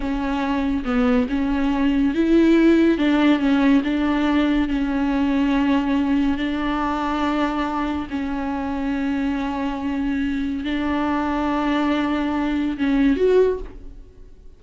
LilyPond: \new Staff \with { instrumentName = "viola" } { \time 4/4 \tempo 4 = 141 cis'2 b4 cis'4~ | cis'4 e'2 d'4 | cis'4 d'2 cis'4~ | cis'2. d'4~ |
d'2. cis'4~ | cis'1~ | cis'4 d'2.~ | d'2 cis'4 fis'4 | }